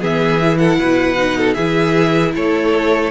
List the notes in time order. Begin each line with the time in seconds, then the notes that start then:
0.00 E3 B3 G#4 E5
0.42 E4
0.58 A4 F#5
0.79 B2 B4
1.17 D#4
1.38 A4
1.54 E3 E4 G#4 E5
2.35 A3 A4 C#5